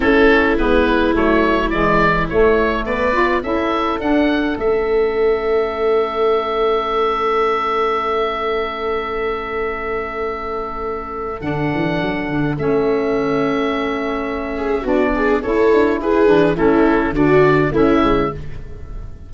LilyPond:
<<
  \new Staff \with { instrumentName = "oboe" } { \time 4/4 \tempo 4 = 105 a'4 b'4 cis''4 d''4 | cis''4 d''4 e''4 fis''4 | e''1~ | e''1~ |
e''1 | fis''2 e''2~ | e''2 d''4 cis''4 | b'4 a'4 d''4 e''4 | }
  \new Staff \with { instrumentName = "viola" } { \time 4/4 e'1~ | e'4 b'4 a'2~ | a'1~ | a'1~ |
a'1~ | a'1~ | a'4. gis'8 fis'8 gis'8 a'4 | gis'4 e'4 fis'4 e'4 | }
  \new Staff \with { instrumentName = "saxophone" } { \time 4/4 cis'4 b4 a4 gis4 | a4. f'8 e'4 d'4 | cis'1~ | cis'1~ |
cis'1 | d'2 cis'2~ | cis'2 d'4 e'4~ | e'8 d'8 cis'4 d'4 cis'4 | }
  \new Staff \with { instrumentName = "tuba" } { \time 4/4 a4 gis4 fis4 e4 | a4 b4 cis'4 d'4 | a1~ | a1~ |
a1 | d8 e8 fis8 d8 a2~ | a2 b4 cis'8 d'8 | e'8 e8 a4 d4 a8 gis8 | }
>>